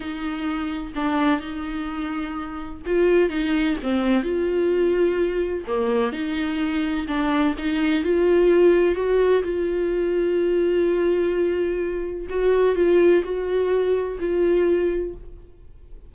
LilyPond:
\new Staff \with { instrumentName = "viola" } { \time 4/4 \tempo 4 = 127 dis'2 d'4 dis'4~ | dis'2 f'4 dis'4 | c'4 f'2. | ais4 dis'2 d'4 |
dis'4 f'2 fis'4 | f'1~ | f'2 fis'4 f'4 | fis'2 f'2 | }